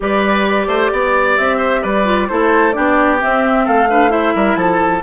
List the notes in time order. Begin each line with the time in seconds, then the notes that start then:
0.00 G3 G4 B4 D5
0.67 A3 C5
0.92 B3 D5
1.37 C4 E5
1.57 C5
1.82 G3 B4 D5
2.05 F4
2.28 A3 E4 A4 C5
2.72 B3 D4 G4 D5
3.19 C4 E5
3.65 A3 A4 F5
3.89 D4 B4
4.09 E4 C5 E5
4.35 G3 A#4
4.55 F3 A4 A5